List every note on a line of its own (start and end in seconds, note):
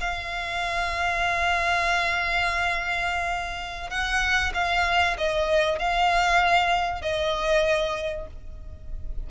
0.00 3.90 F5
3.90 4.52 F#5
4.54 5.16 F5
5.17 5.78 D#5
5.78 7.01 F5
7.01 8.26 D#5